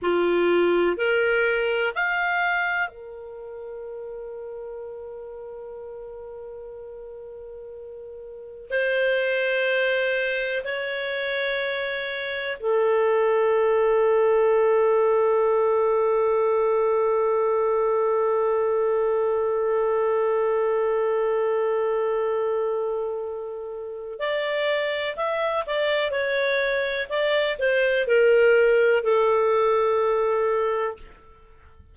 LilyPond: \new Staff \with { instrumentName = "clarinet" } { \time 4/4 \tempo 4 = 62 f'4 ais'4 f''4 ais'4~ | ais'1~ | ais'4 c''2 cis''4~ | cis''4 a'2.~ |
a'1~ | a'1~ | a'4 d''4 e''8 d''8 cis''4 | d''8 c''8 ais'4 a'2 | }